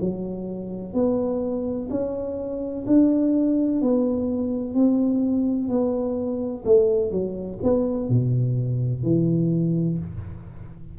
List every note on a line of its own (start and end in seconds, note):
0.00 0.93 F#3
0.93 1.88 B3
1.90 2.85 C#4
2.86 3.81 D4
3.81 4.74 B3
4.74 5.68 C4
5.68 6.63 B3
6.65 7.10 A3
7.10 7.58 F#3
7.63 8.09 B3
8.09 9.03 B2
9.03 9.98 E3